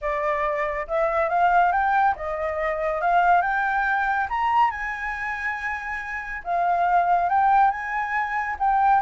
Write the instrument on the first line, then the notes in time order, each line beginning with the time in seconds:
flute
0.01 D5
0.87 E5
1.29 F5
1.71 G5
2.15 D#5
3.01 F5
3.41 G5
4.29 A#5
4.70 G#5
6.44 F5
7.29 G5
7.70 G#5
8.59 G5